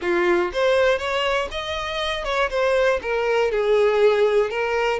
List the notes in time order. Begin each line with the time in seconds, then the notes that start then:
0.01 F4
0.52 C5
0.98 C#5
1.51 D#5
2.24 C#5
2.50 C5
3.02 A#4
3.51 G#4
4.50 A#4